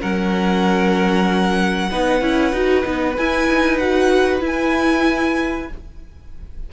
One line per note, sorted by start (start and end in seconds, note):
0.00 1.91 F#3
0.00 1.90 C#4
0.00 1.89 A#4
0.00 3.16 F#5
1.91 2.21 B3
1.91 2.21 D#4
1.91 5.70 B4
2.21 2.52 C#4
2.21 2.52 E4
2.52 2.84 D#4
2.52 2.83 F#4
2.83 3.17 B3
2.83 3.15 D#4
3.16 3.48 E4
3.16 3.80 E4
3.16 3.77 G#5
3.48 4.41 D#4
3.77 4.40 F#4
3.77 4.41 F#5
4.40 5.66 E4
4.40 5.68 E4
4.40 5.72 G#5